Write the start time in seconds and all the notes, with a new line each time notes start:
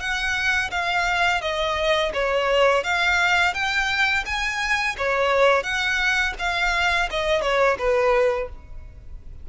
0.00 F#5
0.71 F5
1.41 D#5
2.14 C#5
2.84 F5
3.54 G5
4.26 G#5
4.98 C#5
5.63 F#5
6.39 F5
7.10 D#5
7.42 C#5
7.78 B4